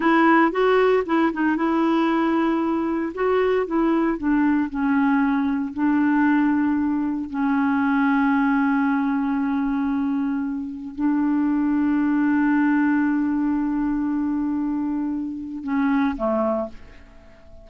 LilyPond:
\new Staff \with { instrumentName = "clarinet" } { \time 4/4 \tempo 4 = 115 e'4 fis'4 e'8 dis'8 e'4~ | e'2 fis'4 e'4 | d'4 cis'2 d'4~ | d'2 cis'2~ |
cis'1~ | cis'4 d'2.~ | d'1~ | d'2 cis'4 a4 | }